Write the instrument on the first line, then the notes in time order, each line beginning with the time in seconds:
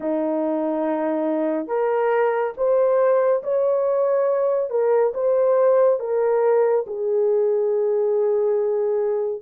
horn
0.00 D#4
1.67 A#4
2.57 C5
3.43 C#5
4.69 A#4
5.14 C5
5.99 A#4
6.86 G#4